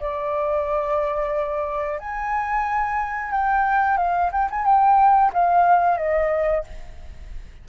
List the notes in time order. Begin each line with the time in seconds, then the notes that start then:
0.00 D5
1.99 G#5
3.31 G5
3.97 F5
4.32 G5
4.50 G#5
4.65 G5
5.33 F5
5.97 D#5